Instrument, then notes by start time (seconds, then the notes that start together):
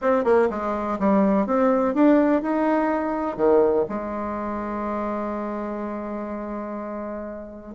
bassoon
0.01 C4
0.24 A#3
0.50 G#3
0.99 G3
1.46 C4
1.94 D4
2.41 D#4
3.37 D#3
3.88 G#3